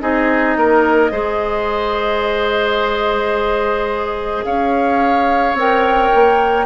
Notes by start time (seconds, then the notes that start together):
0.00 C4 D#4 G#4 D#5
0.56 A#3 A#4
1.12 G#3 G#4 C5
4.45 C#4 C#5 F5
5.54 C4 A#4 G5
6.14 A#3